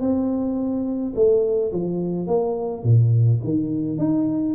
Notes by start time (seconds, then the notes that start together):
0.00 C4
1.15 A3
1.72 F3
2.27 A#3
2.83 A#2
3.43 D#3
3.98 D#4